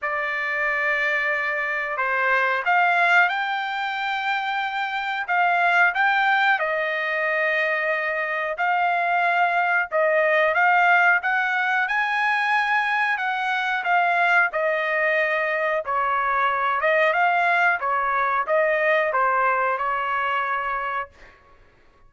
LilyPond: \new Staff \with { instrumentName = "trumpet" } { \time 4/4 \tempo 4 = 91 d''2. c''4 | f''4 g''2. | f''4 g''4 dis''2~ | dis''4 f''2 dis''4 |
f''4 fis''4 gis''2 | fis''4 f''4 dis''2 | cis''4. dis''8 f''4 cis''4 | dis''4 c''4 cis''2 | }